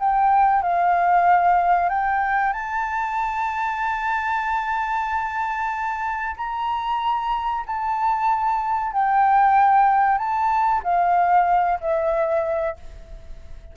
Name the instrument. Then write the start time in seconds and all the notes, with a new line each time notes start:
flute
0.00 G5
0.63 F5
1.90 G5
2.53 A5
6.37 A#5
7.67 A5
8.93 G5
10.18 A5
10.84 F5
11.81 E5